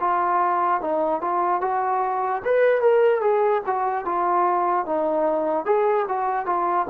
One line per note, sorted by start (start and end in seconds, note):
0.00 0.81 F4
0.81 1.21 D#4
1.21 1.61 F4
1.61 2.42 F#4
2.45 2.81 B4
2.81 3.21 A#4
3.21 3.62 G#4
3.66 4.05 F#4
4.05 4.86 F4
4.86 5.65 D#4
5.65 6.06 G#4
6.08 6.46 F#4
6.46 6.86 F4